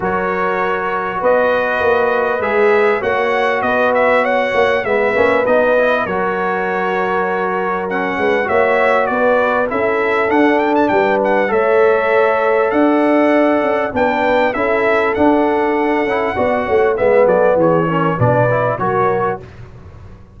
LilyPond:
<<
  \new Staff \with { instrumentName = "trumpet" } { \time 4/4 \tempo 4 = 99 cis''2 dis''2 | e''4 fis''4 dis''8 e''8 fis''4 | e''4 dis''4 cis''2~ | cis''4 fis''4 e''4 d''4 |
e''4 fis''8 g''16 a''16 g''8 fis''8 e''4~ | e''4 fis''2 g''4 | e''4 fis''2. | e''8 d''8 cis''4 d''4 cis''4 | }
  \new Staff \with { instrumentName = "horn" } { \time 4/4 ais'2 b'2~ | b'4 cis''4 b'4 cis''4 | b'2 ais'2~ | ais'4. b'8 cis''4 b'4 |
a'2 b'4 cis''4~ | cis''4 d''2 b'4 | a'2. d''8 cis''8 | b'8 a'8 gis'8 ais'8 b'4 ais'4 | }
  \new Staff \with { instrumentName = "trombone" } { \time 4/4 fis'1 | gis'4 fis'2. | b8 cis'8 dis'8 e'8 fis'2~ | fis'4 cis'4 fis'2 |
e'4 d'2 a'4~ | a'2. d'4 | e'4 d'4. e'8 fis'4 | b4. cis'8 d'8 e'8 fis'4 | }
  \new Staff \with { instrumentName = "tuba" } { \time 4/4 fis2 b4 ais4 | gis4 ais4 b4. ais8 | gis8 ais8 b4 fis2~ | fis4. gis8 ais4 b4 |
cis'4 d'4 g4 a4~ | a4 d'4. cis'8 b4 | cis'4 d'4. cis'8 b8 a8 | gis8 fis8 e4 b,4 fis4 | }
>>